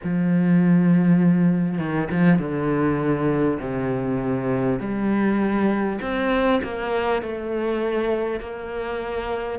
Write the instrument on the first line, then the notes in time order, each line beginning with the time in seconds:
cello
0.03 F3
1.78 D#3
2.11 F3
2.38 D3
3.60 C3
4.79 G3
6.01 C4
6.63 A#3
7.22 A3
8.40 A#3